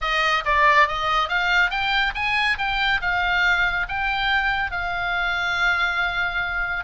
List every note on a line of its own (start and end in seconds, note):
0.01 0.44 D#5
0.45 0.88 D5
0.88 1.28 D#5
1.28 1.70 F5
1.70 2.13 G5
2.14 2.57 G#5
2.58 3.01 G5
3.01 3.86 F5
3.88 4.71 G5
4.71 6.84 F5